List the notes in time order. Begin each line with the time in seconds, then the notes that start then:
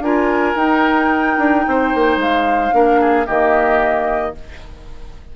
0.00 D4 F4 A#4 G#5
0.55 D#4 G5
1.39 D4
1.67 C4 C5
1.95 A#3
2.17 G#3 F5
2.72 A#3 D4 A#4
3.01 G#4
3.27 D#3 A#3 G4 D#5